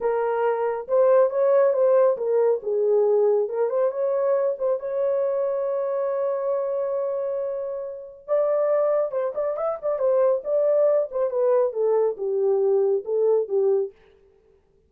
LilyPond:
\new Staff \with { instrumentName = "horn" } { \time 4/4 \tempo 4 = 138 ais'2 c''4 cis''4 | c''4 ais'4 gis'2 | ais'8 c''8 cis''4. c''8 cis''4~ | cis''1~ |
cis''2. d''4~ | d''4 c''8 d''8 e''8 d''8 c''4 | d''4. c''8 b'4 a'4 | g'2 a'4 g'4 | }